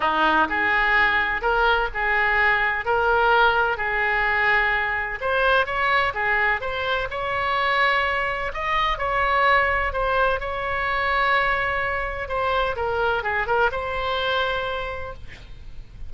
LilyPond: \new Staff \with { instrumentName = "oboe" } { \time 4/4 \tempo 4 = 127 dis'4 gis'2 ais'4 | gis'2 ais'2 | gis'2. c''4 | cis''4 gis'4 c''4 cis''4~ |
cis''2 dis''4 cis''4~ | cis''4 c''4 cis''2~ | cis''2 c''4 ais'4 | gis'8 ais'8 c''2. | }